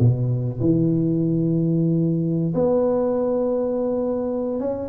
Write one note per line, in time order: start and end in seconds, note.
0.00 0.59 B2
0.61 2.54 E3
2.55 4.60 B3
4.60 4.89 C#4